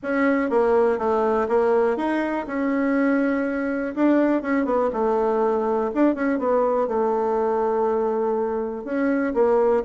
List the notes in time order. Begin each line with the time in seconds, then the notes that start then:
0.02 C#4
0.49 A#3
0.98 A3
1.48 A#3
1.96 D#4
2.47 C#4
3.95 D4
4.42 C#4
4.65 B3
4.92 A3
5.94 D4
6.15 C#4
6.38 B3
6.87 A3
8.84 C#4
9.34 A#3